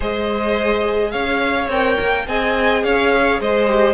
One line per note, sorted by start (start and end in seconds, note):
0.00 1.13 G#3
0.00 1.69 G#4
0.00 1.10 C5
0.00 1.11 D#5
1.11 1.67 C#4
1.11 2.25 C#5
1.11 1.67 F5
1.67 1.96 C4
1.67 2.26 A#4
1.67 2.27 G5
2.00 2.27 A#3
2.26 2.83 C4
2.26 3.68 G#4
2.26 2.84 D#5
2.26 2.83 G#5
2.83 3.40 C#4
2.83 3.40 C#5
2.83 3.40 F5
3.40 3.94 G#3
3.40 3.94 C5
3.40 3.94 D#5
3.68 3.94 G4